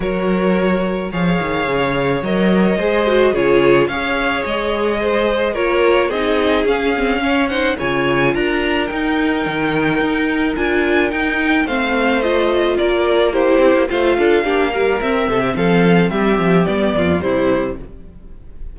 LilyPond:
<<
  \new Staff \with { instrumentName = "violin" } { \time 4/4 \tempo 4 = 108 cis''2 f''2 | dis''2 cis''4 f''4 | dis''2 cis''4 dis''4 | f''4. fis''8 gis''4 ais''4 |
g''2. gis''4 | g''4 f''4 dis''4 d''4 | c''4 f''2 e''4 | f''4 e''4 d''4 c''4 | }
  \new Staff \with { instrumentName = "violin" } { \time 4/4 ais'2 cis''2~ | cis''4 c''4 gis'4 cis''4~ | cis''4 c''4 ais'4 gis'4~ | gis'4 cis''8 c''8 cis''4 ais'4~ |
ais'1~ | ais'4 c''2 ais'4 | g'4 c''8 a'8 g'8 ais'4 a'16 g'16 | a'4 g'4. f'8 e'4 | }
  \new Staff \with { instrumentName = "viola" } { \time 4/4 fis'2 gis'2 | ais'4 gis'8 fis'8 f'4 gis'4~ | gis'2 f'4 dis'4 | cis'8 c'8 cis'8 dis'8 f'2 |
dis'2. f'4 | dis'4 c'4 f'2 | e'4 f'4 d'8 g8 c'4~ | c'2 b4 g4 | }
  \new Staff \with { instrumentName = "cello" } { \time 4/4 fis2 f8 dis8 cis4 | fis4 gis4 cis4 cis'4 | gis2 ais4 c'4 | cis'2 cis4 d'4 |
dis'4 dis4 dis'4 d'4 | dis'4 a2 ais4~ | ais8 c'16 ais16 a8 d'8 ais4 c'8 c8 | f4 g8 f8 g8 f,8 c4 | }
>>